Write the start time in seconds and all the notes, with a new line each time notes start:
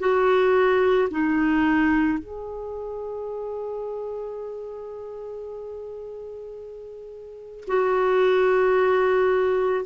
0.00 F#4
1.11 D#4
2.19 G#4
7.68 F#4